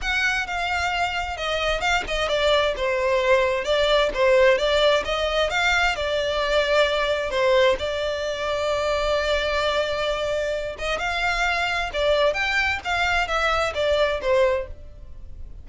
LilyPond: \new Staff \with { instrumentName = "violin" } { \time 4/4 \tempo 4 = 131 fis''4 f''2 dis''4 | f''8 dis''8 d''4 c''2 | d''4 c''4 d''4 dis''4 | f''4 d''2. |
c''4 d''2.~ | d''2.~ d''8 dis''8 | f''2 d''4 g''4 | f''4 e''4 d''4 c''4 | }